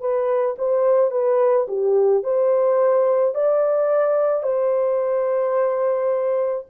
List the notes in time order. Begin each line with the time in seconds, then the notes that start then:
0.00 B4
0.58 C5
1.11 B4
1.67 G4
2.23 C5
3.34 D5
4.43 C5